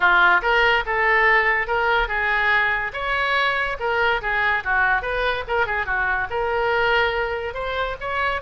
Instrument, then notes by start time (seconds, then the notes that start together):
oboe
0.00 F4
0.42 A#4
0.85 A4
1.67 A#4
2.08 G#4
2.93 C#5
3.79 A#4
4.21 G#4
4.64 F#4
5.02 B4
5.47 A#4
5.66 G#4
5.85 F#4
6.30 A#4
7.54 C5
8.00 C#5